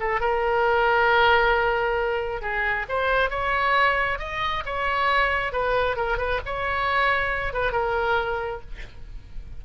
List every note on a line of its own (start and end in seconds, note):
0.00 0.20 A4
0.20 2.42 A#4
2.42 2.86 G#4
2.89 3.30 C5
3.30 4.19 C#5
4.19 4.63 D#5
4.66 5.53 C#5
5.53 5.96 B4
5.96 6.18 A#4
6.18 6.40 B4
6.46 7.53 C#5
7.53 7.72 B4
7.72 8.61 A#4